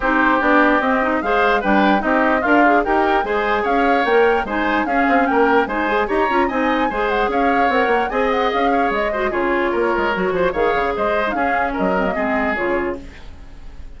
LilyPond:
<<
  \new Staff \with { instrumentName = "flute" } { \time 4/4 \tempo 4 = 148 c''4 d''4 dis''4 f''4 | g''4 dis''4 f''4 g''4 | gis''4 f''4 g''4 gis''4 | f''4 g''4 gis''4 ais''4 |
gis''4. fis''8 f''4 fis''4 | gis''8 fis''8 f''4 dis''4 cis''4~ | cis''2 f''4 dis''4 | f''4 dis''2 cis''4 | }
  \new Staff \with { instrumentName = "oboe" } { \time 4/4 g'2. c''4 | b'4 g'4 f'4 ais'4 | c''4 cis''2 c''4 | gis'4 ais'4 c''4 cis''4 |
dis''4 c''4 cis''2 | dis''4. cis''4 c''8 gis'4 | ais'4. c''8 cis''4 c''4 | gis'4 ais'4 gis'2 | }
  \new Staff \with { instrumentName = "clarinet" } { \time 4/4 dis'4 d'4 c'8 dis'8 gis'4 | d'4 dis'4 ais'8 gis'8 g'4 | gis'2 ais'4 dis'4 | cis'2 dis'8 gis'8 g'8 f'8 |
dis'4 gis'2 ais'4 | gis'2~ gis'8 fis'8 f'4~ | f'4 fis'4 gis'4.~ gis'16 dis'16 | cis'4. c'16 ais16 c'4 f'4 | }
  \new Staff \with { instrumentName = "bassoon" } { \time 4/4 c'4 b4 c'4 gis4 | g4 c'4 d'4 dis'4 | gis4 cis'4 ais4 gis4 | cis'8 c'8 ais4 gis4 dis'8 cis'8 |
c'4 gis4 cis'4 c'8 ais8 | c'4 cis'4 gis4 cis4 | ais8 gis8 fis8 f8 dis8 cis8 gis4 | cis'4 fis4 gis4 cis4 | }
>>